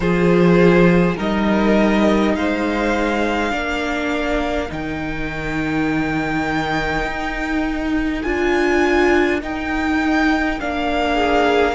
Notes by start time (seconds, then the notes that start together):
0.00 F3 F4 G#4 C5
1.16 G3 D#4 A#4 D#5
2.35 G#3 C5 F5
3.50 A#3 D4 A#4
4.68 D#3 D#4 G5
7.06 D#4
8.22 D4 F4 G#5
9.41 D#4 G5
10.60 A#3 D4 F5
11.13 G#4